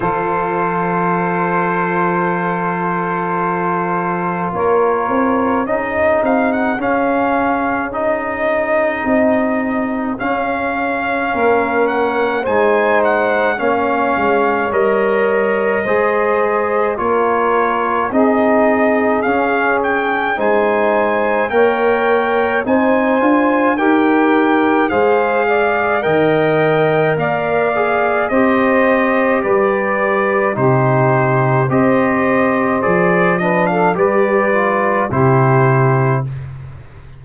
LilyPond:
<<
  \new Staff \with { instrumentName = "trumpet" } { \time 4/4 \tempo 4 = 53 c''1 | cis''4 dis''8 f''16 fis''16 f''4 dis''4~ | dis''4 f''4. fis''8 gis''8 fis''8 | f''4 dis''2 cis''4 |
dis''4 f''8 g''8 gis''4 g''4 | gis''4 g''4 f''4 g''4 | f''4 dis''4 d''4 c''4 | dis''4 d''8 dis''16 f''16 d''4 c''4 | }
  \new Staff \with { instrumentName = "saxophone" } { \time 4/4 a'1 | ais'4 gis'2.~ | gis'2 ais'4 c''4 | cis''2 c''4 ais'4 |
gis'2 c''4 cis''4 | c''4 ais'4 c''8 d''8 dis''4 | d''4 c''4 b'4 g'4 | c''4. b'16 a'16 b'4 g'4 | }
  \new Staff \with { instrumentName = "trombone" } { \time 4/4 f'1~ | f'4 dis'4 cis'4 dis'4~ | dis'4 cis'2 dis'4 | cis'4 ais'4 gis'4 f'4 |
dis'4 cis'4 dis'4 ais'4 | dis'8 f'8 g'4 gis'4 ais'4~ | ais'8 gis'8 g'2 dis'4 | g'4 gis'8 d'8 g'8 f'8 e'4 | }
  \new Staff \with { instrumentName = "tuba" } { \time 4/4 f1 | ais8 c'8 cis'8 c'8 cis'2 | c'4 cis'4 ais4 gis4 | ais8 gis8 g4 gis4 ais4 |
c'4 cis'4 gis4 ais4 | c'8 d'8 dis'4 gis4 dis4 | ais4 c'4 g4 c4 | c'4 f4 g4 c4 | }
>>